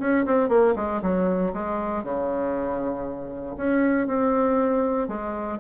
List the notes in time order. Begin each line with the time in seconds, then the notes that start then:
0.00 C#4
0.26 C4
0.49 A#3
0.76 G#3
1.03 F#3
1.54 G#3
2.04 C#3
3.57 C#4
4.08 C4
5.08 G#3